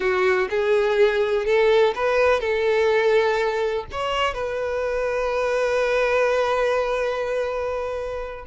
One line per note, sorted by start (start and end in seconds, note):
0.00 0.48 F#4
0.50 1.45 G#4
1.45 1.94 A4
1.95 2.40 B4
2.40 3.85 A4
3.91 4.34 C#5
4.34 8.45 B4